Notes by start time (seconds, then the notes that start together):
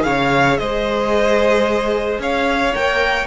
0.00 C#3 G#4 F5
0.06 C#5
0.58 G#3 C5 D#5
2.19 C#4 C#5 F5
2.74 A#3 A#4 G5